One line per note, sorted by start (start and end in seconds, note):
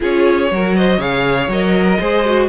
0.00 0.51 C#4
0.00 0.49 F4
0.00 0.50 G#4
0.00 0.76 C#5
0.51 0.97 F#3
0.51 0.99 F#4
0.51 0.77 A#4
0.76 0.98 C5
0.76 1.01 D#5
0.97 1.47 C#3
0.97 1.49 G#4
0.97 1.85 C#5
0.97 1.51 F5
1.47 1.97 F#3
1.47 2.00 A#4
1.47 2.48 D#5
1.85 1.98 A#4
1.99 2.48 G#3
1.99 2.25 G#4
1.99 2.48 C5
2.25 2.48 F#4